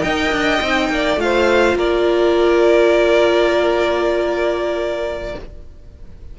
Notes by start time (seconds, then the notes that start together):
0.00 D#4 A#4 D#5 G5
0.32 D4
0.61 C4 D#4
0.90 A#3 D5
1.16 A3 F4 F5
1.23 C5
1.75 A#3 A#4 D5